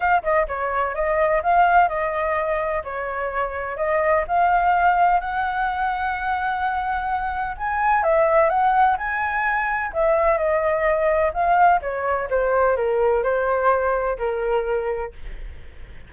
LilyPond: \new Staff \with { instrumentName = "flute" } { \time 4/4 \tempo 4 = 127 f''8 dis''8 cis''4 dis''4 f''4 | dis''2 cis''2 | dis''4 f''2 fis''4~ | fis''1 |
gis''4 e''4 fis''4 gis''4~ | gis''4 e''4 dis''2 | f''4 cis''4 c''4 ais'4 | c''2 ais'2 | }